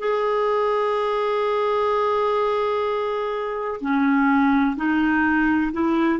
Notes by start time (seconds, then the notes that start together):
0.00 G#4
3.81 C#4
4.77 D#4
5.73 E4